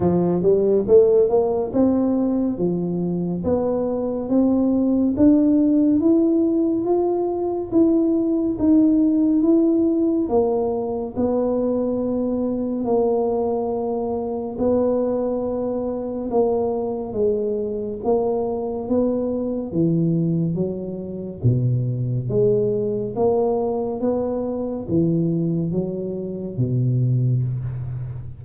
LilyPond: \new Staff \with { instrumentName = "tuba" } { \time 4/4 \tempo 4 = 70 f8 g8 a8 ais8 c'4 f4 | b4 c'4 d'4 e'4 | f'4 e'4 dis'4 e'4 | ais4 b2 ais4~ |
ais4 b2 ais4 | gis4 ais4 b4 e4 | fis4 b,4 gis4 ais4 | b4 e4 fis4 b,4 | }